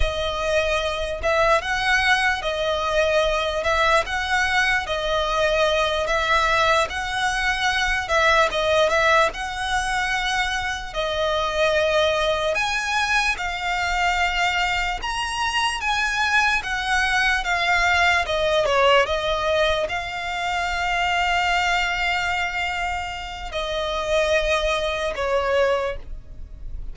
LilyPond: \new Staff \with { instrumentName = "violin" } { \time 4/4 \tempo 4 = 74 dis''4. e''8 fis''4 dis''4~ | dis''8 e''8 fis''4 dis''4. e''8~ | e''8 fis''4. e''8 dis''8 e''8 fis''8~ | fis''4. dis''2 gis''8~ |
gis''8 f''2 ais''4 gis''8~ | gis''8 fis''4 f''4 dis''8 cis''8 dis''8~ | dis''8 f''2.~ f''8~ | f''4 dis''2 cis''4 | }